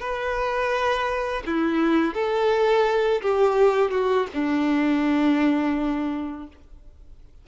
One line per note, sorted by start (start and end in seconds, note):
0.00 1.43 B4
1.46 2.14 E4
2.14 3.21 A4
3.22 3.91 G4
3.91 4.27 F#4
4.33 6.47 D4